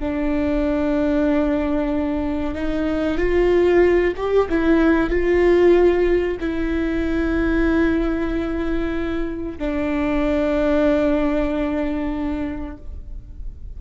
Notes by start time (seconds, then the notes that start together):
0.00 D4
2.55 D#4
3.18 F4
4.17 G4
4.50 E4
5.11 F4
6.40 E4
9.59 D4